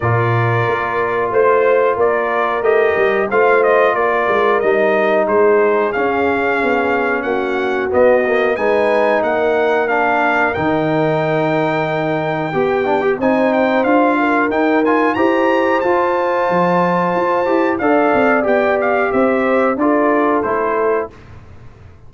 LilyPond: <<
  \new Staff \with { instrumentName = "trumpet" } { \time 4/4 \tempo 4 = 91 d''2 c''4 d''4 | dis''4 f''8 dis''8 d''4 dis''4 | c''4 f''2 fis''4 | dis''4 gis''4 fis''4 f''4 |
g''1 | gis''8 g''8 f''4 g''8 gis''8 ais''4 | a''2. f''4 | g''8 f''8 e''4 d''4 c''4 | }
  \new Staff \with { instrumentName = "horn" } { \time 4/4 ais'2 c''4 ais'4~ | ais'4 c''4 ais'2 | gis'2. fis'4~ | fis'4 b'4 ais'2~ |
ais'2. g'4 | c''4. ais'4. c''4~ | c''2. d''4~ | d''4 c''4 a'2 | }
  \new Staff \with { instrumentName = "trombone" } { \time 4/4 f'1 | g'4 f'2 dis'4~ | dis'4 cis'2. | b8 ais8 dis'2 d'4 |
dis'2. g'8 d'16 g'16 | dis'4 f'4 dis'8 f'8 g'4 | f'2~ f'8 g'8 a'4 | g'2 f'4 e'4 | }
  \new Staff \with { instrumentName = "tuba" } { \time 4/4 ais,4 ais4 a4 ais4 | a8 g8 a4 ais8 gis8 g4 | gis4 cis'4 b4 ais4 | b4 gis4 ais2 |
dis2. b4 | c'4 d'4 dis'4 e'4 | f'4 f4 f'8 e'8 d'8 c'8 | b4 c'4 d'4 a4 | }
>>